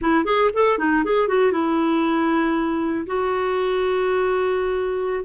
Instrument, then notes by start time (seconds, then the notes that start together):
clarinet
0.01 E4
0.24 G#4
0.53 A4
0.78 D#4
1.04 G#4
1.28 F#4
1.52 E4
3.06 F#4